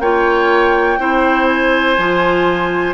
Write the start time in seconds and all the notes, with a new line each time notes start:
0.00 A#3 F4 C#5 G5
0.99 C4 E4 C5
1.47 G#5
1.98 F3 F4